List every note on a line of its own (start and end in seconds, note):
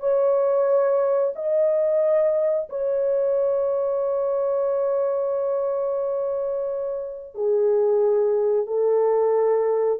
0.00 1.33 C#5
1.35 2.69 D#5
2.69 7.35 C#5
7.35 8.67 G#4
8.67 10.00 A4